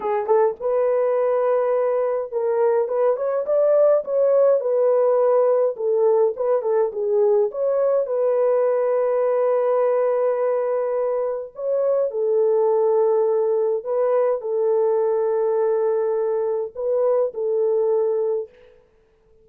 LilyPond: \new Staff \with { instrumentName = "horn" } { \time 4/4 \tempo 4 = 104 gis'8 a'8 b'2. | ais'4 b'8 cis''8 d''4 cis''4 | b'2 a'4 b'8 a'8 | gis'4 cis''4 b'2~ |
b'1 | cis''4 a'2. | b'4 a'2.~ | a'4 b'4 a'2 | }